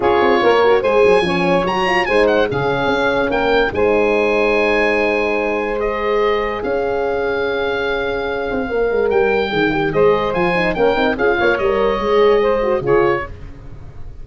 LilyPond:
<<
  \new Staff \with { instrumentName = "oboe" } { \time 4/4 \tempo 4 = 145 cis''2 gis''2 | ais''4 gis''8 fis''8 f''2 | g''4 gis''2.~ | gis''2 dis''2 |
f''1~ | f''2 g''2 | dis''4 gis''4 g''4 f''4 | dis''2. cis''4 | }
  \new Staff \with { instrumentName = "saxophone" } { \time 4/4 gis'4 ais'4 c''4 cis''4~ | cis''4 c''4 gis'2 | ais'4 c''2.~ | c''1 |
cis''1~ | cis''1 | c''2 ais'4 gis'8 cis''8~ | cis''2 c''4 gis'4 | }
  \new Staff \with { instrumentName = "horn" } { \time 4/4 f'4. fis'8 gis'4 cis'4 | fis'8 f'8 dis'4 cis'2~ | cis'4 dis'2.~ | dis'2 gis'2~ |
gis'1~ | gis'4 ais'2 gis'8 g'8 | gis'4 f'8 dis'8 cis'8 dis'8 f'4 | ais'4 gis'4. fis'8 f'4 | }
  \new Staff \with { instrumentName = "tuba" } { \time 4/4 cis'8 c'8 ais4 gis8 fis8 f4 | fis4 gis4 cis4 cis'4 | ais4 gis2.~ | gis1 |
cis'1~ | cis'8 c'8 ais8 gis8 g4 dis4 | gis4 f4 ais8 c'8 cis'8 ais8 | g4 gis2 cis4 | }
>>